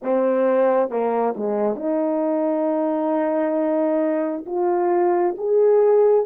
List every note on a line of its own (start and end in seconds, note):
0.02 0.89 C4
0.89 1.34 A#3
1.36 1.75 G#3
1.75 4.44 D#4
4.45 5.35 F4
5.37 6.25 G#4